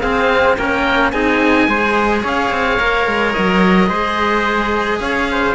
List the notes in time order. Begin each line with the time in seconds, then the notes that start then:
0.00 C4 G#4 F5
0.57 A#3 C#4 A#4 G5
1.11 C4 D#4 G#4 G#5
1.67 G#3 G#4 C5
2.22 C#4 C#5 F5
2.50 C4
2.79 A#3 A#4
3.06 G#3
3.33 F#3 D#5
3.87 G#3 G#4 C5
4.99 C#4 C#5 F5
5.31 C5